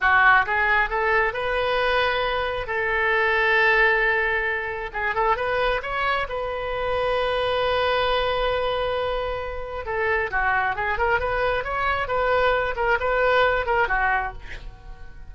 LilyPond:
\new Staff \with { instrumentName = "oboe" } { \time 4/4 \tempo 4 = 134 fis'4 gis'4 a'4 b'4~ | b'2 a'2~ | a'2. gis'8 a'8 | b'4 cis''4 b'2~ |
b'1~ | b'2 a'4 fis'4 | gis'8 ais'8 b'4 cis''4 b'4~ | b'8 ais'8 b'4. ais'8 fis'4 | }